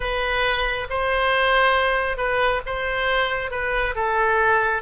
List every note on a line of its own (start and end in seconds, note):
0.00 0.87 B4
0.89 2.17 C5
2.17 2.61 B4
2.66 3.50 C5
3.50 3.94 B4
3.95 4.82 A4